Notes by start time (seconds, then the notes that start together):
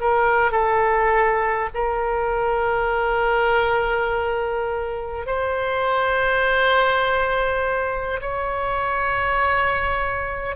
0.00 A#4
0.51 A4
1.74 A#4
5.26 C5
8.20 C#5